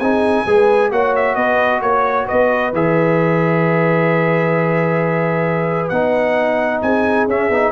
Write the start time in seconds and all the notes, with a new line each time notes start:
0.00 C4 D#4 G#4 G#5
0.46 G#3 G#4 B4
0.92 A#3 F#4 C#5 F#5
1.16 E5
1.36 B3 B4 D#5
1.82 A#3 C#5
2.27 B3 B4 D#5
2.73 E3 G#4 E5
5.89 B3 D#4 F#5
6.82 C4 G#4 G#5
7.28 C#4 E5
7.50 B3 D#4